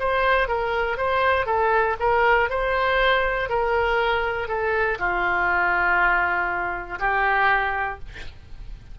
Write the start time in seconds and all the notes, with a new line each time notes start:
0.00 C5
0.48 A#4
0.97 C5
1.46 A4
2.00 A#4
2.50 C5
3.49 A#4
4.49 A4
4.99 F4
7.00 G4